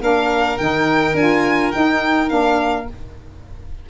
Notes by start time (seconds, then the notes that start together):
0.00 A#3 D4 A#4 F5
0.58 D#3 D#4 G5
1.15 D4 F4 G#5
1.72 D#4 G5
2.29 A#3 D4 F5